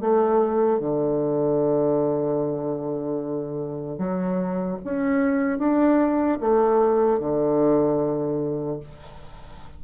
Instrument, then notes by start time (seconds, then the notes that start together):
bassoon
0.00 A3
0.79 D3
3.98 F#3
4.84 C#4
5.58 D4
6.40 A3
7.19 D3